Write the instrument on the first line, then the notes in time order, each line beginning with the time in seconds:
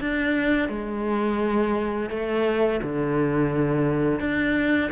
cello
0.00 D4
0.68 G#3
2.10 A3
2.82 D3
4.20 D4